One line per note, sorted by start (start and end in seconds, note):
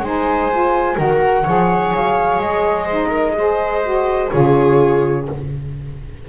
0.00 0.95 G#3
0.00 0.51 D#4
0.00 0.96 C5
0.00 0.99 G#5
0.51 0.95 F4
0.95 1.45 D#3
0.95 1.43 F#4
0.95 1.43 A#4
0.95 1.94 F#5
1.43 1.93 F3
1.43 2.88 G#4
1.43 2.84 C#5
1.93 2.38 F#3
1.93 2.40 F5
2.38 4.29 G#3
2.38 4.30 D#5
2.84 3.36 D#4
2.84 3.08 C5
3.09 3.33 A#4
3.36 3.82 G#4
3.36 4.32 C5
3.82 4.30 F#4
4.30 5.29 C#3
4.30 5.25 F4
4.30 5.27 G#4
4.30 5.25 C#5